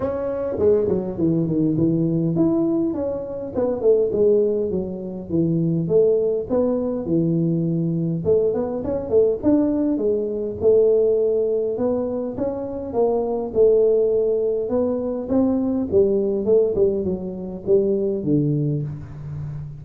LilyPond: \new Staff \with { instrumentName = "tuba" } { \time 4/4 \tempo 4 = 102 cis'4 gis8 fis8 e8 dis8 e4 | e'4 cis'4 b8 a8 gis4 | fis4 e4 a4 b4 | e2 a8 b8 cis'8 a8 |
d'4 gis4 a2 | b4 cis'4 ais4 a4~ | a4 b4 c'4 g4 | a8 g8 fis4 g4 d4 | }